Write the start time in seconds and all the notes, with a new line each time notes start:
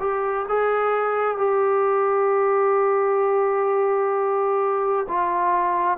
0.00 G4
0.48 G#4
1.37 G4
5.08 F4